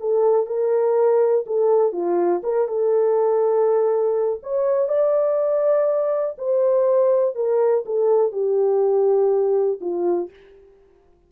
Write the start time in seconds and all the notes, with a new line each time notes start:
0.00 A4
0.47 A#4
1.46 A4
1.92 F4
2.43 A#4
2.68 A4
4.43 C#5
4.89 D5
6.38 C5
7.35 A#4
7.86 A4
8.32 G4
9.81 F4